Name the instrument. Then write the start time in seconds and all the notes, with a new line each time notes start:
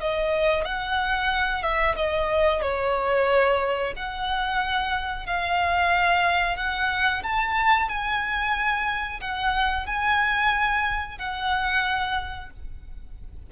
violin
0.00 D#5
0.64 F#5
1.62 E5
1.96 D#5
2.62 C#5
3.96 F#5
5.26 F5
6.57 F#5
7.23 A5
7.89 G#5
9.20 F#5
9.86 G#5
11.18 F#5